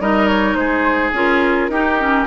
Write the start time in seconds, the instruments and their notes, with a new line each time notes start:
0.00 bassoon G3, clarinet D#4, oboe A#4, flute D#5
0.27 flute C#5
0.54 bassoon G#3, oboe G#4, flute C5
1.13 bassoon C#4, clarinet F4, flute A#4
1.69 bassoon D#4, clarinet D#4, oboe G4
2.00 clarinet C#4